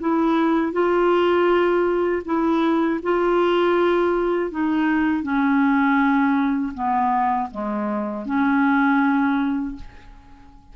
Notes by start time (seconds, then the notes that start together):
0.00 E4
0.73 F4
2.25 E4
3.03 F4
4.51 D#4
5.23 C#4
6.74 B3
7.51 G#3
8.25 C#4